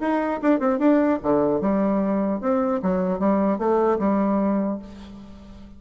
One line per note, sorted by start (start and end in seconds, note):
0.00 0.40 D#4
0.41 0.59 D4
0.59 0.78 C4
0.78 1.18 D4
1.23 1.61 D3
1.61 2.40 G3
2.40 2.80 C4
2.82 3.19 F#3
3.19 3.58 G3
3.58 3.98 A3
3.99 4.79 G3